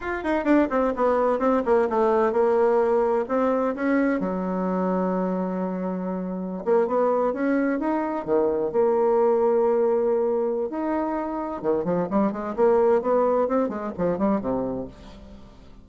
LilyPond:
\new Staff \with { instrumentName = "bassoon" } { \time 4/4 \tempo 4 = 129 f'8 dis'8 d'8 c'8 b4 c'8 ais8 | a4 ais2 c'4 | cis'4 fis2.~ | fis2~ fis16 ais8 b4 cis'16~ |
cis'8. dis'4 dis4 ais4~ ais16~ | ais2. dis'4~ | dis'4 dis8 f8 g8 gis8 ais4 | b4 c'8 gis8 f8 g8 c4 | }